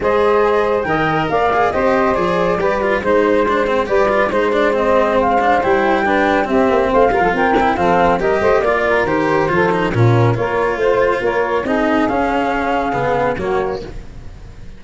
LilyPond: <<
  \new Staff \with { instrumentName = "flute" } { \time 4/4 \tempo 4 = 139 dis''2 g''4 f''4 | dis''4 d''2 c''4~ | c''4 d''4 c''8 d''8 dis''4 | f''4 g''2 e''4 |
f''4 g''4 f''4 dis''4 | d''4 c''2 ais'4 | cis''4 c''4 cis''4 dis''4 | f''2. cis''4 | }
  \new Staff \with { instrumentName = "saxophone" } { \time 4/4 c''2 dis''4 d''4 | c''2 b'4 c''4~ | c''4 b'4 c''2~ | c''2 b'4 g'4 |
c''8 ais'16 a'16 ais'4 a'4 ais'8 c''8 | d''8 ais'4. a'4 f'4 | ais'4 c''4 ais'4 gis'4~ | gis'2. fis'4 | }
  \new Staff \with { instrumentName = "cello" } { \time 4/4 gis'2 ais'4. gis'8 | g'4 gis'4 g'8 f'8 dis'4 | d'8 c'8 g'8 f'8 dis'8 d'8 c'4~ | c'8 d'8 e'4 d'4 c'4~ |
c'8 f'4 e'8 c'4 g'4 | f'4 g'4 f'8 dis'8 cis'4 | f'2. dis'4 | cis'2 b4 ais4 | }
  \new Staff \with { instrumentName = "tuba" } { \time 4/4 gis2 dis4 ais4 | c'4 f4 g4 gis4~ | gis4 g4 gis2~ | gis4 g2 c'8 ais8 |
a8 g16 f16 c'4 f4 g8 a8 | ais4 dis4 f4 ais,4 | ais4 a4 ais4 c'4 | cis'2 cis4 fis4 | }
>>